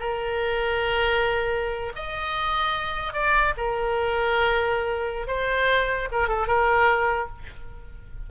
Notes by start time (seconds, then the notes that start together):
0.00 A#4
1.96 D#5
3.13 D5
3.57 A#4
5.27 C5
6.12 A#4
6.28 A4
6.47 A#4